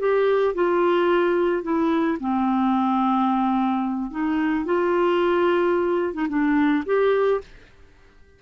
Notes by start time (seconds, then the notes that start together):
0.00 G4
0.55 F4
1.63 E4
2.20 C4
4.11 D#4
4.66 F4
6.14 D#4
6.29 D4
6.86 G4